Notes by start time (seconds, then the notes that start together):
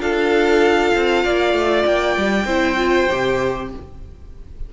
0.00 D4 F4 A4 F5
0.95 C4
1.25 A#3 D5
1.54 A3
1.86 A#3 G5
2.17 G3
2.46 C4 E4 C5
2.77 F4
3.11 C3 G4